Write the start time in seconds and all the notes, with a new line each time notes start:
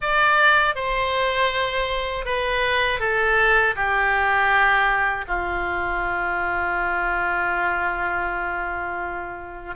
0.01 D5
0.75 C5
2.25 B4
2.99 A4
3.75 G4
5.27 F4